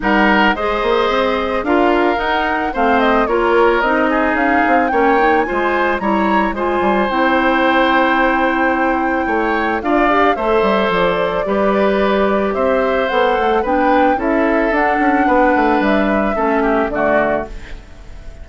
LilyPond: <<
  \new Staff \with { instrumentName = "flute" } { \time 4/4 \tempo 4 = 110 fis''4 dis''2 f''4 | fis''4 f''8 dis''8 cis''4 dis''4 | f''4 g''4 gis''4 ais''4 | gis''4 g''2.~ |
g''2 f''4 e''4 | d''2. e''4 | fis''4 g''4 e''4 fis''4~ | fis''4 e''2 d''4 | }
  \new Staff \with { instrumentName = "oboe" } { \time 4/4 ais'4 c''2 ais'4~ | ais'4 c''4 ais'4. gis'8~ | gis'4 cis''4 c''4 cis''4 | c''1~ |
c''4 cis''4 d''4 c''4~ | c''4 b'2 c''4~ | c''4 b'4 a'2 | b'2 a'8 g'8 fis'4 | }
  \new Staff \with { instrumentName = "clarinet" } { \time 4/4 dis'4 gis'2 f'4 | dis'4 c'4 f'4 dis'4~ | dis'4 cis'8 dis'8 f'4 e'4 | f'4 e'2.~ |
e'2 f'8 g'8 a'4~ | a'4 g'2. | a'4 d'4 e'4 d'4~ | d'2 cis'4 a4 | }
  \new Staff \with { instrumentName = "bassoon" } { \time 4/4 g4 gis8 ais8 c'4 d'4 | dis'4 a4 ais4 c'4 | cis'8 c'8 ais4 gis4 g4 | gis8 g8 c'2.~ |
c'4 a4 d'4 a8 g8 | f4 g2 c'4 | b8 a8 b4 cis'4 d'8 cis'8 | b8 a8 g4 a4 d4 | }
>>